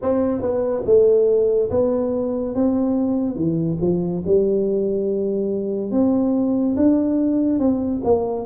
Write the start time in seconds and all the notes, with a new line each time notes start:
0.02 C4
0.41 B3
0.85 A3
1.70 B3
2.54 C4
3.35 E3
3.81 F3
4.26 G3
5.91 C4
6.76 D4
7.59 C4
8.04 A#3